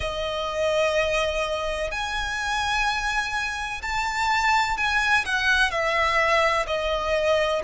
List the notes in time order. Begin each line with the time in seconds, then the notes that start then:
0.00 D#5
1.91 G#5
3.82 A5
4.77 G#5
5.25 F#5
5.70 E5
6.67 D#5